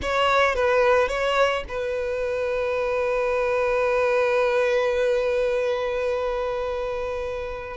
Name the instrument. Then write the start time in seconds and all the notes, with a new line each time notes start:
violin
0.02 C#5
0.55 B4
1.08 C#5
1.68 B4